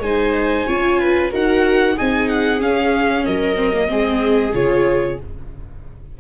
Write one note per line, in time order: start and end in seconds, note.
0.00 0.65 G#3
0.00 0.67 D#4
0.00 0.68 C5
0.00 1.31 G#5
0.67 1.33 C#4
0.67 1.31 F4
0.67 1.00 C#5
1.00 1.32 B4
1.31 1.98 D#4
1.31 1.96 F#4
1.31 1.96 A#4
1.31 1.98 F#5
1.96 2.61 C4
1.96 2.60 D#4
1.96 3.25 G#4
1.96 2.29 G#5
2.29 2.61 F#5
2.60 3.56 C#4
2.60 3.26 C#4
2.60 3.25 F5
3.25 3.92 F#3
3.25 3.90 A#4
3.25 4.54 D#5
3.56 3.72 C4
3.74 3.88 A#3
3.88 4.54 G#3
3.88 4.52 C4
3.88 5.20 G#4
4.53 5.18 C#3
4.53 5.18 F4
4.53 5.19 C#5